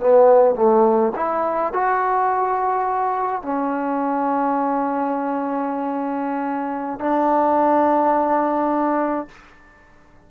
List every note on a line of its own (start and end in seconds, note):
0.00 0.55 B3
0.55 1.12 A3
1.16 1.73 E4
1.73 3.42 F#4
3.42 6.99 C#4
6.99 9.28 D4